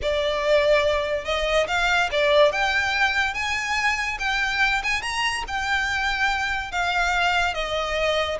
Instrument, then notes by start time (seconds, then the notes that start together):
violin
0.02 D5
1.24 D#5
1.67 F5
2.11 D5
2.52 G5
3.34 G#5
4.19 G5
4.83 G#5
5.02 A#5
5.47 G5
6.71 F5
7.54 D#5